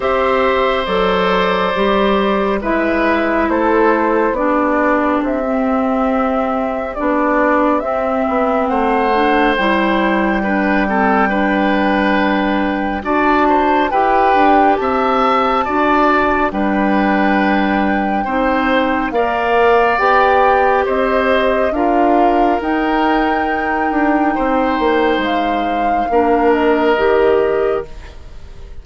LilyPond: <<
  \new Staff \with { instrumentName = "flute" } { \time 4/4 \tempo 4 = 69 e''4 d''2 e''4 | c''4 d''4 e''2 | d''4 e''4 fis''4 g''4~ | g''2. a''4 |
g''4 a''2 g''4~ | g''2 f''4 g''4 | dis''4 f''4 g''2~ | g''4 f''4. dis''4. | }
  \new Staff \with { instrumentName = "oboe" } { \time 4/4 c''2. b'4 | a'4 g'2.~ | g'2 c''2 | b'8 a'8 b'2 d''8 c''8 |
b'4 e''4 d''4 b'4~ | b'4 c''4 d''2 | c''4 ais'2. | c''2 ais'2 | }
  \new Staff \with { instrumentName = "clarinet" } { \time 4/4 g'4 a'4 g'4 e'4~ | e'4 d'4~ d'16 c'4.~ c'16 | d'4 c'4. d'8 e'4 | d'8 c'8 d'2 fis'4 |
g'2 fis'4 d'4~ | d'4 dis'4 ais'4 g'4~ | g'4 f'4 dis'2~ | dis'2 d'4 g'4 | }
  \new Staff \with { instrumentName = "bassoon" } { \time 4/4 c'4 fis4 g4 gis4 | a4 b4 c'2 | b4 c'8 b8 a4 g4~ | g2. d'4 |
e'8 d'8 c'4 d'4 g4~ | g4 c'4 ais4 b4 | c'4 d'4 dis'4. d'8 | c'8 ais8 gis4 ais4 dis4 | }
>>